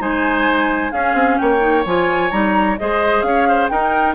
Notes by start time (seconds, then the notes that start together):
0.00 G#3 D#4 C5 G#5
0.92 C#4 G#4 F5
1.14 C4
1.38 A#3 C#5 G5
1.60 D#4
1.85 F3 F4 G#5
2.31 G3 D#4 A#5
2.78 G#3 G#4 C5 D#5
3.22 C#4 C#5 F5
3.48 C5
3.68 D#4 A#4 G5